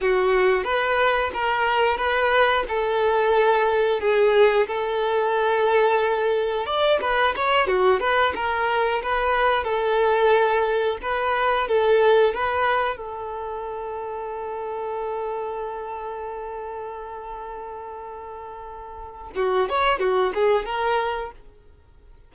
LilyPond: \new Staff \with { instrumentName = "violin" } { \time 4/4 \tempo 4 = 90 fis'4 b'4 ais'4 b'4 | a'2 gis'4 a'4~ | a'2 d''8 b'8 cis''8 fis'8 | b'8 ais'4 b'4 a'4.~ |
a'8 b'4 a'4 b'4 a'8~ | a'1~ | a'1~ | a'4 fis'8 cis''8 fis'8 gis'8 ais'4 | }